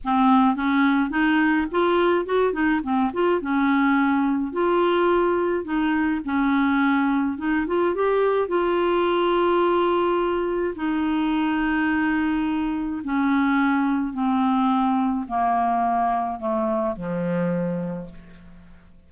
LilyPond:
\new Staff \with { instrumentName = "clarinet" } { \time 4/4 \tempo 4 = 106 c'4 cis'4 dis'4 f'4 | fis'8 dis'8 c'8 f'8 cis'2 | f'2 dis'4 cis'4~ | cis'4 dis'8 f'8 g'4 f'4~ |
f'2. dis'4~ | dis'2. cis'4~ | cis'4 c'2 ais4~ | ais4 a4 f2 | }